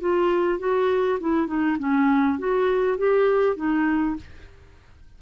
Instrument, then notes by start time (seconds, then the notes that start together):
clarinet
0.00 F4
0.59 F#4
1.20 E4
1.47 D#4
1.79 C#4
2.39 F#4
2.98 G4
3.56 D#4